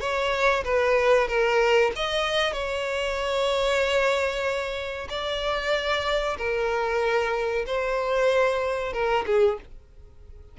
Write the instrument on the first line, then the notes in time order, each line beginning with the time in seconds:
violin
0.00 C#5
0.64 B4
1.27 A#4
1.96 D#5
2.52 C#5
5.09 D5
6.38 A#4
7.66 C5
8.93 A#4
9.26 G#4